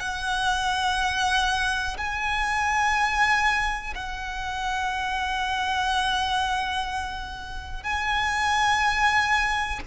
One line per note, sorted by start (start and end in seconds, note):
0.00 1.97 F#5
1.97 3.94 G#5
3.95 7.83 F#5
7.83 9.80 G#5